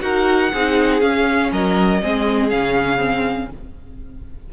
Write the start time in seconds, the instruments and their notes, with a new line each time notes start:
0.00 cello D#4, viola F#4, violin A#4 F#5
0.53 cello C4, viola D#4, violin G#4
1.01 viola C#4, cello C#4, violin F5
1.52 cello F#3, violin A#4 D#5
2.02 cello G#3, viola C4, violin G#4
2.50 cello C#3, viola C#4, violin F5
2.98 viola C4